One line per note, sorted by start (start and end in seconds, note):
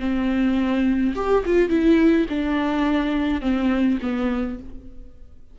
0.00 1.14 C4
1.16 1.44 G4
1.46 1.70 F4
1.70 2.27 E4
2.30 3.42 D4
3.42 3.99 C4
4.02 4.59 B3